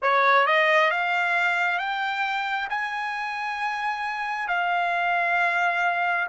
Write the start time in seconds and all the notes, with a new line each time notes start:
0.02 C#5
0.46 D#5
0.90 F5
1.78 G5
2.69 G#5
4.48 F5